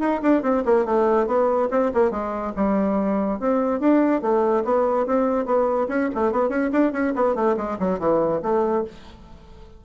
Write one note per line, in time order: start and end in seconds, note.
0.00 0.21 D#4
0.23 0.43 D4
0.43 0.64 C4
0.66 0.85 A#3
0.85 1.27 A3
1.27 1.69 B3
1.71 1.92 C4
1.94 2.11 A#3
2.11 2.53 G#3
2.57 3.40 G3
3.40 3.80 C4
3.80 4.22 D4
4.22 4.64 A3
4.65 5.07 B3
5.07 5.46 C4
5.46 5.88 B3
5.89 6.10 C#4
6.15 6.32 A3
6.32 6.50 B3
6.50 6.71 C#4
6.73 6.92 D4
6.92 7.13 C#4
7.16 7.36 B3
7.36 7.57 A3
7.57 7.78 G#3
7.79 8.00 F#3
8.00 8.42 E3
8.43 8.85 A3